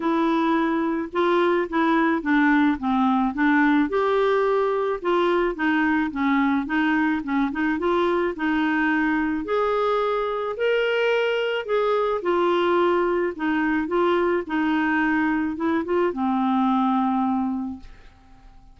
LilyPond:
\new Staff \with { instrumentName = "clarinet" } { \time 4/4 \tempo 4 = 108 e'2 f'4 e'4 | d'4 c'4 d'4 g'4~ | g'4 f'4 dis'4 cis'4 | dis'4 cis'8 dis'8 f'4 dis'4~ |
dis'4 gis'2 ais'4~ | ais'4 gis'4 f'2 | dis'4 f'4 dis'2 | e'8 f'8 c'2. | }